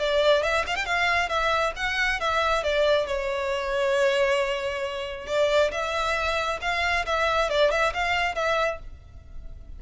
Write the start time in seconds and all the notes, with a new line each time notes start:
0.00 D5
0.43 E5
0.67 F5
0.76 G5
0.86 F5
1.29 E5
1.76 F#5
2.20 E5
2.64 D5
3.07 C#5
5.27 D5
5.72 E5
6.62 F5
7.06 E5
7.50 D5
7.71 E5
7.94 F5
8.35 E5